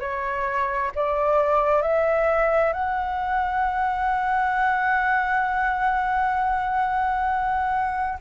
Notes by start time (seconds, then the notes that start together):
0.00 C#5
0.95 D5
1.81 E5
2.73 F#5